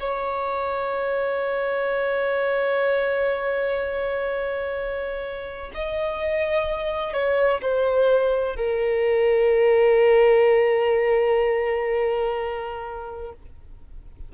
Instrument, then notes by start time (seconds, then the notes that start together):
violin
0.00 C#5
5.74 D#5
7.14 C#5
7.62 C5
8.57 A#4